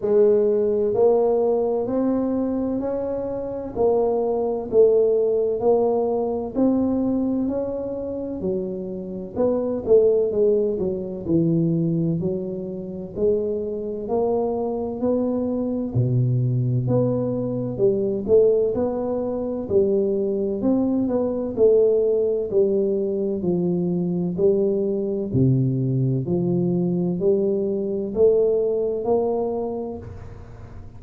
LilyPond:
\new Staff \with { instrumentName = "tuba" } { \time 4/4 \tempo 4 = 64 gis4 ais4 c'4 cis'4 | ais4 a4 ais4 c'4 | cis'4 fis4 b8 a8 gis8 fis8 | e4 fis4 gis4 ais4 |
b4 b,4 b4 g8 a8 | b4 g4 c'8 b8 a4 | g4 f4 g4 c4 | f4 g4 a4 ais4 | }